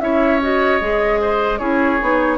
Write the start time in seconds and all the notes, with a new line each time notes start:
0.00 C#4 E4 C#5 E5
0.41 F#4 D#5
0.80 G#3 G#4
1.21 C5
1.58 C#4 E4 G#4 C#5
2.00 B3 D#4